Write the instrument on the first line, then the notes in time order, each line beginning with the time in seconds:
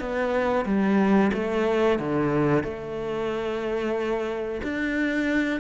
cello
0.00 B3
0.66 G3
1.33 A3
2.00 D3
2.64 A3
4.63 D4